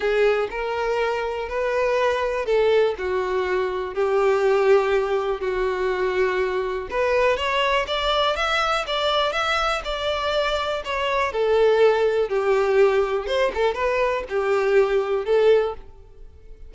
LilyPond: \new Staff \with { instrumentName = "violin" } { \time 4/4 \tempo 4 = 122 gis'4 ais'2 b'4~ | b'4 a'4 fis'2 | g'2. fis'4~ | fis'2 b'4 cis''4 |
d''4 e''4 d''4 e''4 | d''2 cis''4 a'4~ | a'4 g'2 c''8 a'8 | b'4 g'2 a'4 | }